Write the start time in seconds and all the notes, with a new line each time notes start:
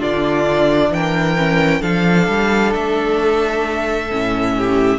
0.00 D3 D4 F4 D5
0.90 E3 A#4 G5
1.38 C#4
1.81 F3 D4 A4 F5
2.28 G3
2.74 A3 E5
4.11 A2 C#4
4.58 G4